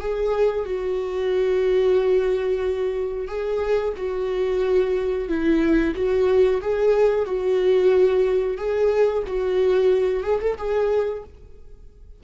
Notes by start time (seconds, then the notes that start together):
0.00 G#4
0.65 F#4
3.27 G#4
3.97 F#4
5.28 E4
5.95 F#4
6.61 G#4
7.25 F#4
8.57 G#4
9.26 F#4
10.23 G#4
10.40 A4
10.58 G#4